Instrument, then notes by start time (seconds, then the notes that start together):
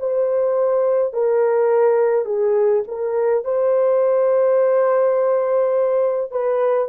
horn
0.00 C5
1.13 A#4
2.26 G#4
2.88 A#4
3.45 C5
6.31 B4